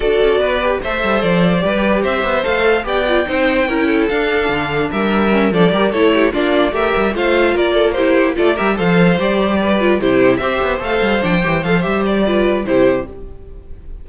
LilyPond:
<<
  \new Staff \with { instrumentName = "violin" } { \time 4/4 \tempo 4 = 147 d''2 e''4 d''4~ | d''4 e''4 f''4 g''4~ | g''2 f''2 | e''4. d''4 cis''4 d''8~ |
d''8 e''4 f''4 d''4 c''8~ | c''8 d''8 e''8 f''4 d''4.~ | d''8 c''4 e''4 f''4 g''8~ | g''8 f''8 e''8 d''4. c''4 | }
  \new Staff \with { instrumentName = "violin" } { \time 4/4 a'4 b'4 c''2 | b'4 c''2 d''4 | c''4 ais'8 a'2~ a'8 | ais'4. a'8 ais'8 a'8 g'8 f'8~ |
f'8 ais'4 c''4 ais'8 a'8 g'8~ | g'8 a'8 ais'8 c''2 b'8~ | b'8 g'4 c''2~ c''8~ | c''2 b'4 g'4 | }
  \new Staff \with { instrumentName = "viola" } { \time 4/4 fis'4. g'8 a'2 | g'2 a'4 g'8 f'8 | dis'4 e'4 d'2~ | d'4 cis'8 d'8 g'8 e'4 d'8~ |
d'8 g'4 f'2 e'8~ | e'8 f'8 g'8 a'4 g'4. | f'8 e'4 g'4 a'4 d'8 | g'8 a'8 g'4 f'4 e'4 | }
  \new Staff \with { instrumentName = "cello" } { \time 4/4 d'8 cis'8 b4 a8 g8 f4 | g4 c'8 b8 a4 b4 | c'4 cis'4 d'4 d4 | g4. f8 g8 a4 ais8~ |
ais8 a8 g8 a4 ais4.~ | ais8 a8 g8 f4 g4.~ | g8 c4 c'8 b8 a8 g8 f8 | e8 f8 g2 c4 | }
>>